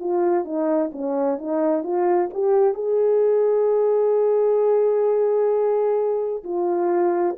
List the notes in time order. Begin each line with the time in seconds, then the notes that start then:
0.00 F4
0.45 D#4
0.93 C#4
1.38 D#4
1.84 F4
2.34 G4
2.74 G#4
6.44 F4